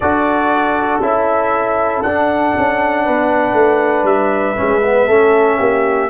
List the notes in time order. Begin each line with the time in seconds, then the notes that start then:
0.00 D4 F#4 A4 D5
1.01 C#4 E4 E5
2.02 D4 F#5
2.57 C#4
3.04 B3 B4
3.53 A3
4.03 G3 E5
4.56 G#3 C#4
4.84 B3
5.07 A3 C#4 A4
5.58 A#3 G4